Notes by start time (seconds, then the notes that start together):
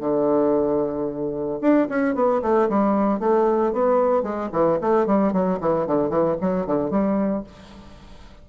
0.00 D3
1.61 D4
1.89 C#4
2.15 B3
2.42 A3
2.69 G3
3.20 A3
3.73 B3
4.23 G#3
4.52 E3
4.81 A3
5.07 G3
5.33 F#3
5.60 E3
5.87 D3
6.09 E3
6.41 F#3
6.66 D3
6.91 G3